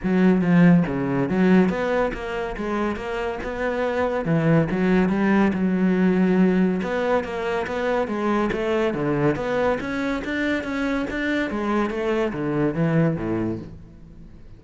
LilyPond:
\new Staff \with { instrumentName = "cello" } { \time 4/4 \tempo 4 = 141 fis4 f4 cis4 fis4 | b4 ais4 gis4 ais4 | b2 e4 fis4 | g4 fis2. |
b4 ais4 b4 gis4 | a4 d4 b4 cis'4 | d'4 cis'4 d'4 gis4 | a4 d4 e4 a,4 | }